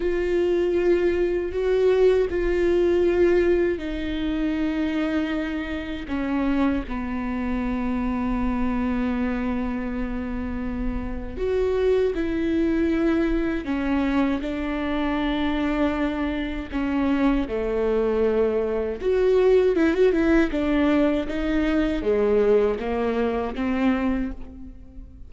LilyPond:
\new Staff \with { instrumentName = "viola" } { \time 4/4 \tempo 4 = 79 f'2 fis'4 f'4~ | f'4 dis'2. | cis'4 b2.~ | b2. fis'4 |
e'2 cis'4 d'4~ | d'2 cis'4 a4~ | a4 fis'4 e'16 fis'16 e'8 d'4 | dis'4 gis4 ais4 c'4 | }